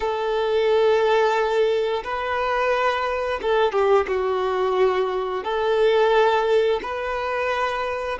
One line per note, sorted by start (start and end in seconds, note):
0.00 2.03 A4
2.03 3.40 B4
3.42 3.72 A4
3.72 4.06 G4
4.07 5.44 F#4
5.44 6.80 A4
6.82 8.18 B4